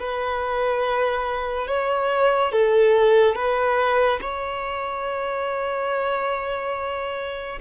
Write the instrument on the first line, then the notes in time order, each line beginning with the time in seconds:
violin
0.00 B4
1.68 C#5
2.52 A4
3.36 B4
4.22 C#5